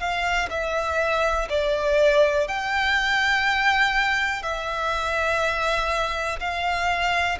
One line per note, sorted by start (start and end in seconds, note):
0.00 0.49 F5
0.50 1.48 E5
1.50 2.48 D5
2.48 4.43 G5
4.43 6.39 E5
6.40 7.38 F5